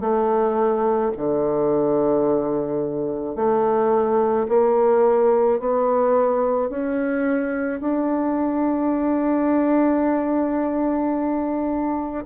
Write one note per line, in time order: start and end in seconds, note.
0.00 1.11 A3
1.16 3.35 D3
3.35 4.46 A3
4.48 5.59 A#3
5.59 6.69 B3
6.69 7.80 C#4
7.80 12.25 D4